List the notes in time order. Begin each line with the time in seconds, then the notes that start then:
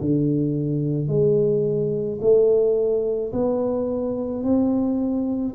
0.00 D3
1.08 G#3
2.21 A3
3.32 B3
4.43 C4